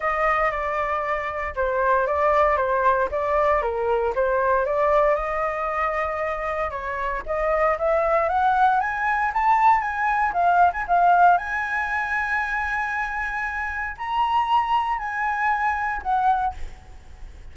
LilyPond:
\new Staff \with { instrumentName = "flute" } { \time 4/4 \tempo 4 = 116 dis''4 d''2 c''4 | d''4 c''4 d''4 ais'4 | c''4 d''4 dis''2~ | dis''4 cis''4 dis''4 e''4 |
fis''4 gis''4 a''4 gis''4 | f''8. gis''16 f''4 gis''2~ | gis''2. ais''4~ | ais''4 gis''2 fis''4 | }